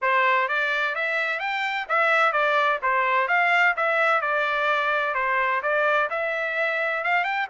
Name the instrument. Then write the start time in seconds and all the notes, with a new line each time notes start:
trumpet
0.01 C5
0.48 D5
0.95 E5
1.39 G5
1.88 E5
2.32 D5
2.82 C5
3.28 F5
3.76 E5
4.21 D5
5.14 C5
5.62 D5
6.10 E5
7.04 F5
7.24 G5